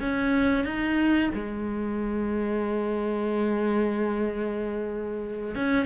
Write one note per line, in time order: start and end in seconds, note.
0.00 0.65 C#4
0.65 1.30 D#4
1.34 5.55 G#3
5.55 5.85 C#4